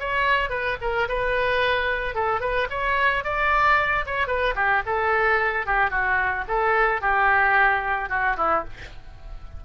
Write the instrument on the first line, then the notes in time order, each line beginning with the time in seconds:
oboe
0.00 C#5
0.50 B4
0.82 A#4
1.09 B4
2.15 A4
2.41 B4
2.71 C#5
3.25 D5
4.07 C#5
4.28 B4
4.56 G4
4.86 A4
5.67 G4
5.91 F#4
6.48 A4
7.02 G4
8.10 F#4
8.37 E4